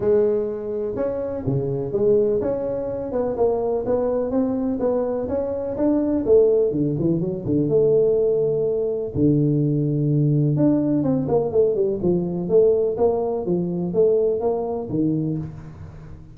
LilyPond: \new Staff \with { instrumentName = "tuba" } { \time 4/4 \tempo 4 = 125 gis2 cis'4 cis4 | gis4 cis'4. b8 ais4 | b4 c'4 b4 cis'4 | d'4 a4 d8 e8 fis8 d8 |
a2. d4~ | d2 d'4 c'8 ais8 | a8 g8 f4 a4 ais4 | f4 a4 ais4 dis4 | }